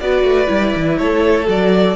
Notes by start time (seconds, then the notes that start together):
0.00 B3 F#4 B4 D5
0.23 A3
0.47 G3 E4
0.75 E3
0.98 A3 A4 C#5
1.47 F#3 F#4 D5